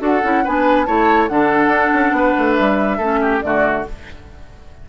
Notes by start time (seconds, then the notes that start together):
0.00 D4 F#4 A4 F#5
0.24 C#4 E4
0.45 B3 D4 B4 G#5
0.86 A3 E4 C#5 A5
1.28 D3 D4 A4 F#5
1.68 D4
1.94 C#4
2.12 B3 B4
2.38 A3
2.55 G3 E5
2.98 A3 C#4 A4
3.22 G4
3.41 D3 A3 F#4 D5